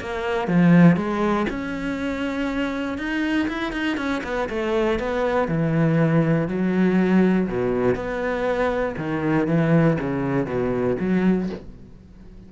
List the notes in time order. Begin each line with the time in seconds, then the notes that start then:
0.00 A#3
0.47 F3
0.96 G#3
1.49 C#4
2.97 D#4
3.48 E4
3.72 D#4
3.97 C#4
4.23 B3
4.49 A3
4.99 B3
5.47 E3
6.48 F#3
7.48 B2
7.95 B3
8.97 D#3
9.47 E3
10.00 C#3
10.46 B2
10.99 F#3